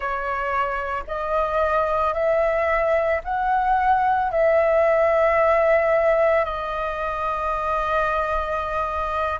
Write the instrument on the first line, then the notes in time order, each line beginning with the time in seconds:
flute
0.00 C#5
1.07 D#5
2.13 E5
3.24 F#5
4.31 E5
6.44 D#5